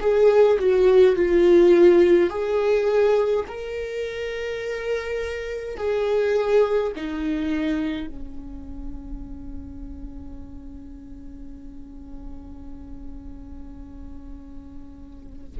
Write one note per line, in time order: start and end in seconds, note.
0.00 0.58 G#4
0.59 1.15 F#4
1.15 2.29 F4
2.29 3.45 G#4
3.47 5.76 A#4
5.76 6.92 G#4
6.95 8.07 D#4
8.07 15.57 C#4